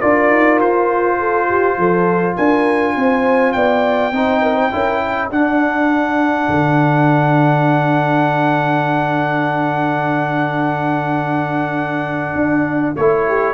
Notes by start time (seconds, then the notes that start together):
0.00 D4 F4 A#4 D5
0.30 D#4
0.60 F4 C5
1.19 A4
1.49 G4
1.77 F3 A4
2.36 D4 A#4 G#5
2.96 C4 C5
3.52 B3 D5 G5
4.12 C4 D#4 C5
4.41 A#4
4.54 C5
4.71 C#4 E4 A#4
5.02 A4
5.30 D4 F#5
6.48 D3
12.35 D4
12.96 A3 E4 C#5
13.27 G4